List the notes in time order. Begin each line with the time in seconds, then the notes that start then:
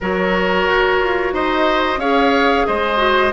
0.00 F#3 F#4 A#4 C#5
0.66 F#4
1.00 F4
1.32 D#4 C5 D#5
1.97 C#4 G#4 C#5 F5
2.66 G#3 C5 D#5
2.97 F#4